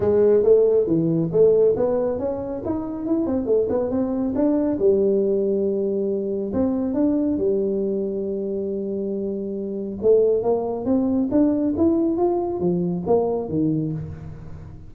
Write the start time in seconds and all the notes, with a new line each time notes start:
0.00 G#3
0.43 A3
0.86 E3
1.31 A3
1.76 B3
2.19 C#4
2.65 D#4
3.06 E4
3.26 C4
3.46 A3
3.69 B3
3.90 C4
4.35 D4
4.79 G3
6.53 C4
6.94 D4
7.37 G3
10.01 A3
10.42 A#3
10.85 C4
11.31 D4
11.77 E4
12.17 F4
12.59 F3
13.06 A#3
13.49 D#3